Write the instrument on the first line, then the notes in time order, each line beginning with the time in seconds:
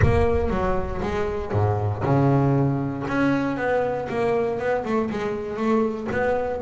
double bass
0.02 A#3
0.50 F#3
1.01 G#3
1.51 G#2
2.03 C#3
3.07 C#4
3.57 B3
4.09 A#3
4.58 B3
4.84 A3
5.10 G#3
5.57 A3
6.11 B3